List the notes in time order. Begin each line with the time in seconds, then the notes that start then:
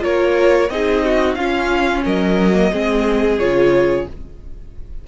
0.00 A#3 F4 A#4 C#5
0.69 C4 D#4 G#4 D#5
1.05 F#4
1.35 C#4 F4 F5
2.04 F#3 A#4 D#5
2.53 A#3
2.72 G#3 C4 G#4
3.39 C#3 F4 C#5